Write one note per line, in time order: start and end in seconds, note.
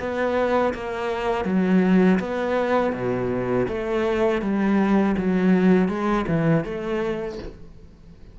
0.00 0.74 B3
0.74 1.45 A#3
1.45 2.19 F#3
2.20 2.93 B3
2.93 3.67 B2
3.68 4.42 A3
4.42 5.16 G3
5.18 5.89 F#3
5.89 6.26 G#3
6.28 6.65 E3
6.65 7.39 A3